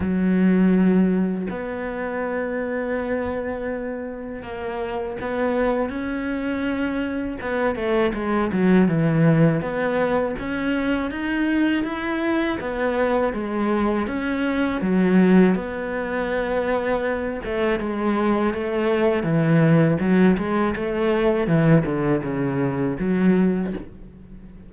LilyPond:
\new Staff \with { instrumentName = "cello" } { \time 4/4 \tempo 4 = 81 fis2 b2~ | b2 ais4 b4 | cis'2 b8 a8 gis8 fis8 | e4 b4 cis'4 dis'4 |
e'4 b4 gis4 cis'4 | fis4 b2~ b8 a8 | gis4 a4 e4 fis8 gis8 | a4 e8 d8 cis4 fis4 | }